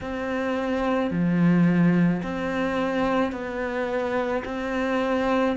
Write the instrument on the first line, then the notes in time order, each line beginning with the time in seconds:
cello
0.01 C4
1.11 F3
2.22 C4
3.32 B3
4.44 C4